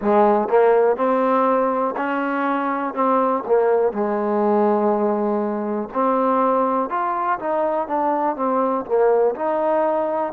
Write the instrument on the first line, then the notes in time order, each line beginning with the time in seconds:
trombone
0.00 G#3
0.48 A#3
0.96 C4
1.96 C#4
2.94 C4
3.46 A#3
3.92 G#3
5.93 C4
6.89 F4
7.39 D#4
7.87 D4
8.36 C4
8.85 A#3
9.35 D#4